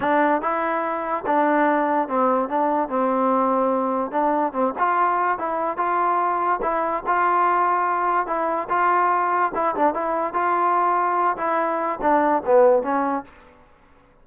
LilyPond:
\new Staff \with { instrumentName = "trombone" } { \time 4/4 \tempo 4 = 145 d'4 e'2 d'4~ | d'4 c'4 d'4 c'4~ | c'2 d'4 c'8 f'8~ | f'4 e'4 f'2 |
e'4 f'2. | e'4 f'2 e'8 d'8 | e'4 f'2~ f'8 e'8~ | e'4 d'4 b4 cis'4 | }